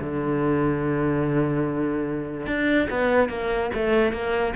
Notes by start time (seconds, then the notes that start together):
0.00 D3
2.46 D4
2.90 B3
3.29 A#3
3.74 A3
4.12 A#3